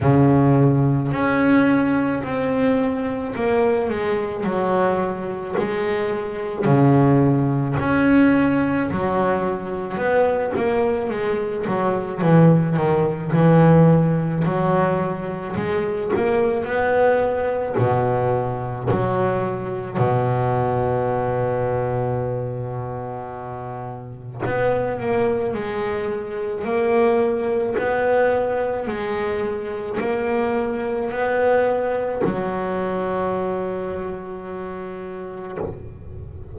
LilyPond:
\new Staff \with { instrumentName = "double bass" } { \time 4/4 \tempo 4 = 54 cis4 cis'4 c'4 ais8 gis8 | fis4 gis4 cis4 cis'4 | fis4 b8 ais8 gis8 fis8 e8 dis8 | e4 fis4 gis8 ais8 b4 |
b,4 fis4 b,2~ | b,2 b8 ais8 gis4 | ais4 b4 gis4 ais4 | b4 fis2. | }